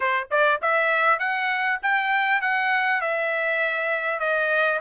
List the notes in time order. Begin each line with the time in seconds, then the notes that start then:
0.00 C5
0.30 D5
0.61 E5
1.19 F#5
1.82 G5
2.41 F#5
3.01 E5
4.19 D#5